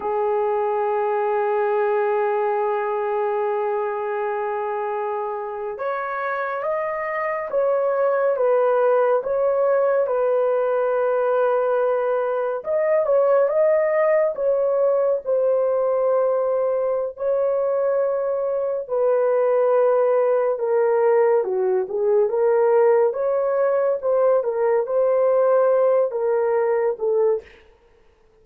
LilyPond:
\new Staff \with { instrumentName = "horn" } { \time 4/4 \tempo 4 = 70 gis'1~ | gis'2~ gis'8. cis''4 dis''16~ | dis''8. cis''4 b'4 cis''4 b'16~ | b'2~ b'8. dis''8 cis''8 dis''16~ |
dis''8. cis''4 c''2~ c''16 | cis''2 b'2 | ais'4 fis'8 gis'8 ais'4 cis''4 | c''8 ais'8 c''4. ais'4 a'8 | }